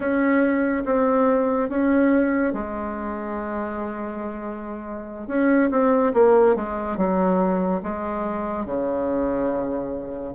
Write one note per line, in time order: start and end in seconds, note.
0.00 0.83 C#4
0.85 1.69 C4
1.69 2.53 C#4
2.53 5.27 G#3
5.27 5.70 C#4
5.70 6.13 C4
6.13 6.55 A#3
6.55 6.97 G#3
6.97 7.81 F#3
7.82 8.65 G#3
8.65 10.34 C#3